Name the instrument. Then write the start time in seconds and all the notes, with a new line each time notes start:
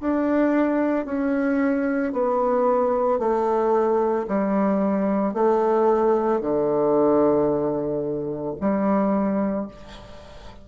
bassoon
0.00 D4
1.05 C#4
2.12 B3
3.19 A3
4.28 G3
5.33 A3
6.40 D3
8.61 G3